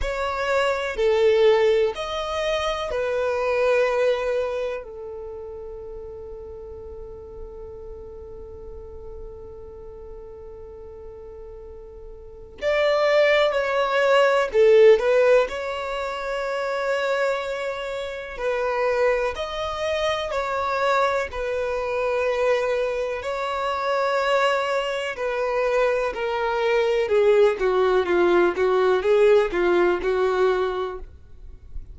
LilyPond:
\new Staff \with { instrumentName = "violin" } { \time 4/4 \tempo 4 = 62 cis''4 a'4 dis''4 b'4~ | b'4 a'2.~ | a'1~ | a'4 d''4 cis''4 a'8 b'8 |
cis''2. b'4 | dis''4 cis''4 b'2 | cis''2 b'4 ais'4 | gis'8 fis'8 f'8 fis'8 gis'8 f'8 fis'4 | }